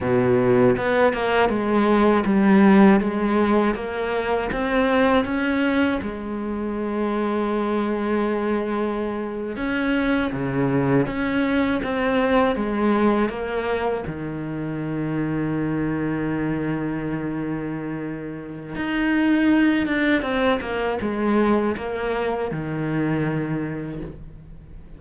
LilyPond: \new Staff \with { instrumentName = "cello" } { \time 4/4 \tempo 4 = 80 b,4 b8 ais8 gis4 g4 | gis4 ais4 c'4 cis'4 | gis1~ | gis8. cis'4 cis4 cis'4 c'16~ |
c'8. gis4 ais4 dis4~ dis16~ | dis1~ | dis4 dis'4. d'8 c'8 ais8 | gis4 ais4 dis2 | }